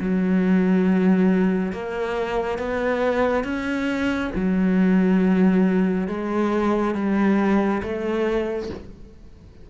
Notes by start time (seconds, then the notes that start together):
0.00 F#3
1.73 A#3
2.58 B3
3.44 C#4
4.35 F#3
6.08 G#3
6.95 G3
7.83 A3